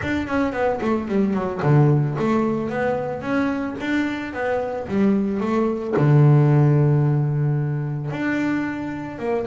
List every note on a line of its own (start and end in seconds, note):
0.02 0.27 D4
0.27 0.52 C#4
0.52 0.79 B3
0.81 1.08 A3
1.08 1.33 G3
1.33 1.60 F#3
1.62 2.16 D3
2.18 2.69 A3
2.69 3.21 B3
3.21 3.75 C#4
3.80 4.33 D4
4.33 4.87 B3
4.88 5.40 G3
5.40 5.94 A3
5.96 8.10 D3
8.10 9.18 D4
9.18 9.45 A#3